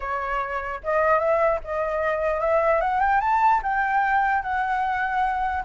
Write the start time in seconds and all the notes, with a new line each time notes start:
0.00 C#5
0.83 D#5
1.19 E5
1.64 D#5
2.40 E5
2.80 F#5
3.00 G5
3.20 A5
3.63 G5
4.42 F#5